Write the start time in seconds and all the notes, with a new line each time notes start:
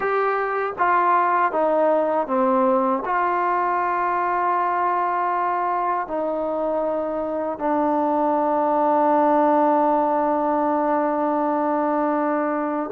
0.00 G4
0.78 F4
1.52 D#4
2.27 C4
3.05 F4
6.07 D#4
7.58 D4